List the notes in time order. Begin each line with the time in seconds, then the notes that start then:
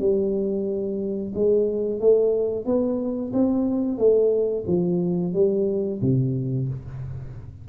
0.00 G3
1.35 G#3
2.00 A3
2.66 B3
3.33 C4
3.98 A3
4.68 F3
5.34 G3
6.02 C3